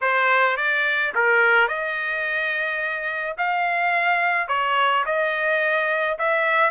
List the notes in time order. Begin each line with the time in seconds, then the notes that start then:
0.01 C5
0.57 D5
1.14 A#4
1.68 D#5
3.37 F5
4.48 C#5
5.05 D#5
6.18 E5